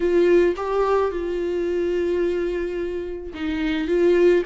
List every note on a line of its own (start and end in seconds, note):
0.00 0.54 F4
0.56 1.11 G4
1.11 3.33 F4
3.34 3.87 D#4
3.87 4.43 F4